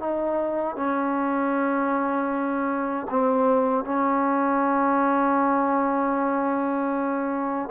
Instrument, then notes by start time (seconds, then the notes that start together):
trombone
0.00 D#4
0.77 C#4
3.10 C4
3.85 C#4